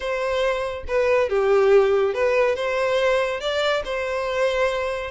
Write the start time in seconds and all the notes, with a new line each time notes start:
0.00 C5
0.87 B4
1.29 G4
2.14 B4
2.55 C5
3.40 D5
3.84 C5